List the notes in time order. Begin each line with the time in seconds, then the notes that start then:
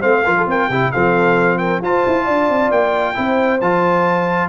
0.00 A3 C4 C5 F5
0.25 F3 F4 A#4
0.37 A4
0.47 C4 A#4 G5
0.69 C3 E4 G4
0.92 F3 C4 A4 F5
1.58 A#4 G5
1.82 F4 C5 A5
2.07 E4
2.25 D4 D5
2.49 C4
2.71 A#3 G5
3.15 C4 E4 C5
3.61 F3 F4 A5